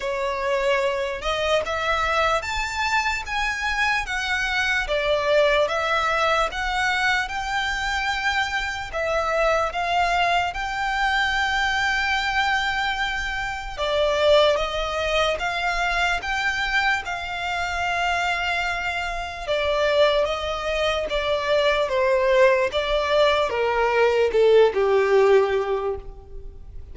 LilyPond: \new Staff \with { instrumentName = "violin" } { \time 4/4 \tempo 4 = 74 cis''4. dis''8 e''4 a''4 | gis''4 fis''4 d''4 e''4 | fis''4 g''2 e''4 | f''4 g''2.~ |
g''4 d''4 dis''4 f''4 | g''4 f''2. | d''4 dis''4 d''4 c''4 | d''4 ais'4 a'8 g'4. | }